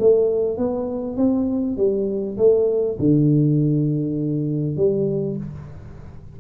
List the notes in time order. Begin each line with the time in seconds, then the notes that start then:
0.00 A3
0.58 B3
1.18 C4
1.78 G3
2.38 A3
2.99 D3
4.77 G3